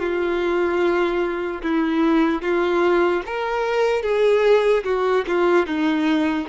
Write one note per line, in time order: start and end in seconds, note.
0.00 1.62 F4
1.63 2.43 E4
2.43 3.24 F4
3.27 4.03 A#4
4.03 4.84 G#4
4.85 5.25 F#4
5.27 5.67 F4
5.67 6.48 D#4